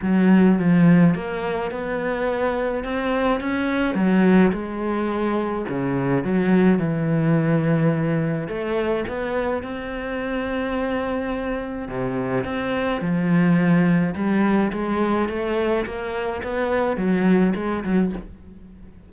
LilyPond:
\new Staff \with { instrumentName = "cello" } { \time 4/4 \tempo 4 = 106 fis4 f4 ais4 b4~ | b4 c'4 cis'4 fis4 | gis2 cis4 fis4 | e2. a4 |
b4 c'2.~ | c'4 c4 c'4 f4~ | f4 g4 gis4 a4 | ais4 b4 fis4 gis8 fis8 | }